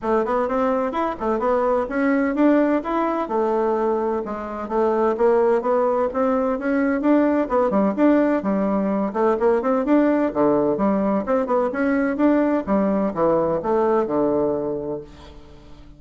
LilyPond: \new Staff \with { instrumentName = "bassoon" } { \time 4/4 \tempo 4 = 128 a8 b8 c'4 e'8 a8 b4 | cis'4 d'4 e'4 a4~ | a4 gis4 a4 ais4 | b4 c'4 cis'4 d'4 |
b8 g8 d'4 g4. a8 | ais8 c'8 d'4 d4 g4 | c'8 b8 cis'4 d'4 g4 | e4 a4 d2 | }